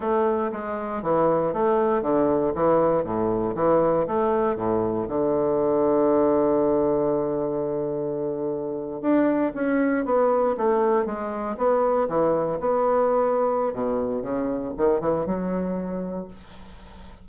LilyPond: \new Staff \with { instrumentName = "bassoon" } { \time 4/4 \tempo 4 = 118 a4 gis4 e4 a4 | d4 e4 a,4 e4 | a4 a,4 d2~ | d1~ |
d4.~ d16 d'4 cis'4 b16~ | b8. a4 gis4 b4 e16~ | e8. b2~ b16 b,4 | cis4 dis8 e8 fis2 | }